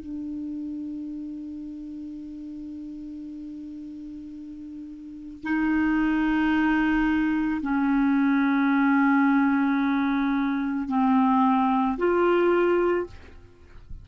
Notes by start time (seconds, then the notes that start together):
0.00 D4
5.43 D#4
7.62 C#4
10.88 C4
11.98 F4